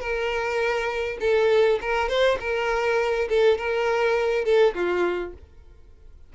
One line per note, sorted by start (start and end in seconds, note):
0.00 1.18 A#4
1.20 1.79 A4
1.81 2.09 A#4
2.09 2.38 C5
2.40 3.28 A#4
3.29 3.58 A4
3.58 4.45 A#4
4.45 4.74 A4
4.74 5.33 F4